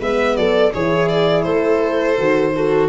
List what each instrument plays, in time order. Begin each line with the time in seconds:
0.00 tuba G#3, horn B3, viola B4, violin E5
0.36 tuba F#3, viola A4, violin D5
0.73 tuba E3, horn E4, viola G#4, violin C#5
1.08 violin D5
1.42 tuba A3, viola A4, violin C5
2.17 tuba D#3, horn F#4
2.56 viola F#4, horn A4